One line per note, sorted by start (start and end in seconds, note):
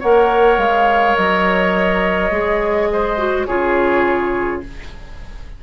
0.00 0.58 A#3
0.00 2.32 A#4
0.00 2.88 C#5
0.00 0.59 F#5
0.58 1.16 G#3
0.58 1.17 F5
1.17 2.31 F#3
1.17 3.46 D#5
2.31 3.47 G#3
2.31 3.18 G#4
2.93 3.47 C5
3.18 3.47 F#4
3.46 4.63 C#3
3.46 4.64 F4
3.46 4.63 G#4
3.46 4.61 C#5